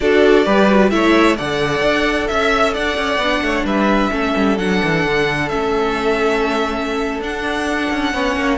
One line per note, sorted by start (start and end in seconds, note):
0.00 0.46 D4
0.00 0.44 F#4
0.00 0.45 A4
0.00 0.90 D5
0.44 0.92 G3
0.44 0.67 G4
0.44 0.91 B4
0.68 0.90 F#4
0.90 1.37 A3
0.90 1.36 E4
0.90 1.36 C#5
0.90 1.36 E5
1.36 1.81 D3
1.36 3.20 A4
1.36 2.28 D5
1.36 2.27 F#5
1.81 2.26 D4
2.27 2.76 C#4
2.27 2.73 E5
2.27 2.74 E5
2.73 2.97 D4
2.73 3.42 D5
2.73 3.65 F#5
2.97 3.17 C#4
3.17 3.40 B3
3.17 4.10 D4
3.41 3.64 A3
3.41 3.65 C#5
3.64 4.10 G3
3.64 4.11 B4
3.64 4.58 E5
4.10 4.34 A3
4.10 4.56 C#4
4.10 8.13 A4
4.36 4.58 G3
4.58 4.81 F#3
4.58 5.50 D4
4.58 5.48 F#5
4.83 5.05 E3
5.05 5.51 D3
5.48 7.19 A3
5.48 7.22 C#4
5.48 7.20 E5
7.19 7.88 D4
7.19 8.13 D4
7.19 8.57 F#5
7.90 8.13 C#4
8.13 8.35 B3
8.13 8.57 C#4
8.13 8.57 C#5
8.35 8.57 A#3